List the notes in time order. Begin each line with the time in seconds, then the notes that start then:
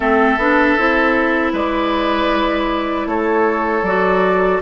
0.00 A3 C4 A4 E5
0.37 B3 D4
0.78 C4 E4
1.52 G#3 B4 D5
3.06 A3 A4 C#5
3.82 F#3 F#4 D5